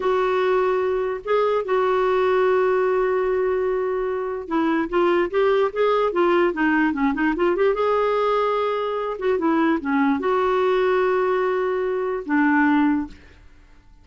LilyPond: \new Staff \with { instrumentName = "clarinet" } { \time 4/4 \tempo 4 = 147 fis'2. gis'4 | fis'1~ | fis'2. e'4 | f'4 g'4 gis'4 f'4 |
dis'4 cis'8 dis'8 f'8 g'8 gis'4~ | gis'2~ gis'8 fis'8 e'4 | cis'4 fis'2.~ | fis'2 d'2 | }